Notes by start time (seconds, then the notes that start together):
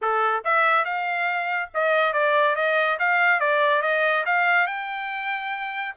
0.01 A4
0.44 E5
0.84 F5
1.74 D#5
2.13 D5
2.55 D#5
2.99 F5
3.39 D5
3.82 D#5
4.25 F5
4.67 G5